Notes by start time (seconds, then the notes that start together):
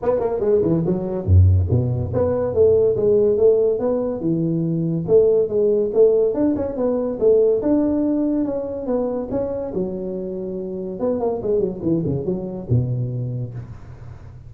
0.02 B3
0.19 A#3
0.40 G#3
0.62 E3
0.86 F#3
1.25 F#2
1.70 B2
2.13 B3
2.54 A3
2.96 G#3
3.37 A3
3.79 B3
4.20 E3
5.07 A3
5.48 G#3
5.93 A3
6.33 D4
6.56 C#4
6.76 B3
7.19 A3
7.62 D4
8.44 C#4
8.86 B3
9.30 C#4
9.73 F#3
10.99 B3
11.20 A#3
11.42 G#3
11.59 F#3
11.82 E3
12.05 C#3
12.25 F#3
12.69 B2